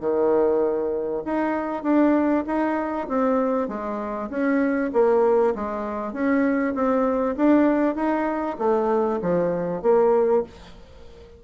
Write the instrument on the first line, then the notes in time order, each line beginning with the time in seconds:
bassoon
0.00 D#3
1.25 D#4
1.83 D4
2.46 D#4
3.08 C4
3.68 G#3
4.29 C#4
4.93 A#3
5.55 G#3
6.13 C#4
6.74 C4
7.36 D4
7.95 D#4
8.58 A3
9.21 F3
9.82 A#3